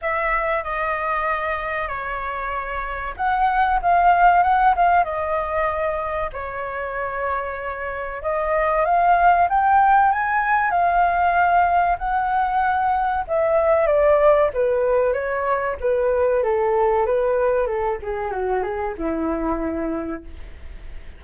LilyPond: \new Staff \with { instrumentName = "flute" } { \time 4/4 \tempo 4 = 95 e''4 dis''2 cis''4~ | cis''4 fis''4 f''4 fis''8 f''8 | dis''2 cis''2~ | cis''4 dis''4 f''4 g''4 |
gis''4 f''2 fis''4~ | fis''4 e''4 d''4 b'4 | cis''4 b'4 a'4 b'4 | a'8 gis'8 fis'8 gis'8 e'2 | }